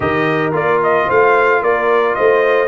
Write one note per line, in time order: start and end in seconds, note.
0.00 0.53 D#3
0.00 0.52 G4
0.00 1.06 A#4
0.00 0.53 D#5
0.52 1.07 A#3
0.52 2.67 F4
0.52 0.82 D5
0.83 1.09 D#5
1.06 1.61 A3
1.06 1.60 C5
1.06 1.63 F5
1.61 2.16 A#3
1.61 2.16 A#4
1.61 2.15 D5
2.15 2.67 A3
2.15 2.67 C5
2.15 2.67 D#5